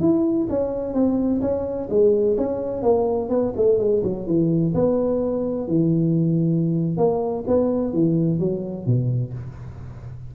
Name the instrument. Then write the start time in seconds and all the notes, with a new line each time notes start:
tuba
0.00 E4
0.50 C#4
0.94 C4
1.41 C#4
1.90 G#3
2.38 C#4
2.82 A#3
3.30 B3
3.57 A3
3.79 G#3
4.03 F#3
4.27 E3
4.75 B3
5.68 E3
6.97 A#3
7.48 B3
7.93 E3
8.39 F#3
8.86 B2